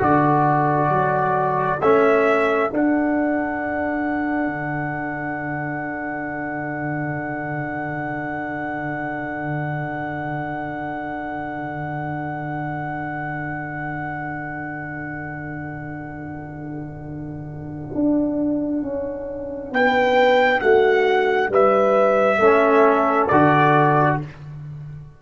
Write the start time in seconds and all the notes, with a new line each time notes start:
0.00 D3 F#4 A4 D5
0.90 F#3
1.81 A3 C#4 E5
2.70 D4 F#5
4.47 D3
17.95 D4
18.83 C#4
19.72 B3 B4 G5
20.61 A3 F#4 F#5
21.50 G3 B4 E5
22.38 A3 C#4 A4
23.28 D3 F#4 D5